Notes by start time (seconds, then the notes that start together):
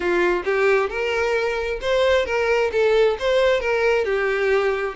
0.00 F4
0.44 G4
0.89 A#4
1.81 C5
2.25 A#4
2.72 A4
3.19 C5
3.60 A#4
4.04 G4